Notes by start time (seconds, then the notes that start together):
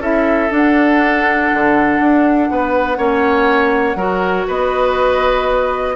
0.00 C#4 E4 A4 E5
0.50 D4 F#5
1.54 D3
2.00 D4
2.50 B3 B4
2.97 A#3 C#4 C#5
3.96 F#3 F#4 A#4
4.48 B3 B4 D#5